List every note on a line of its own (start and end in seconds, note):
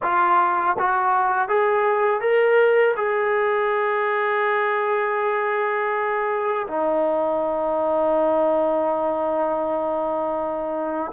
0.02 0.76 F4
0.78 1.48 F#4
1.48 2.21 G#4
2.21 2.95 A#4
2.96 6.66 G#4
6.67 11.11 D#4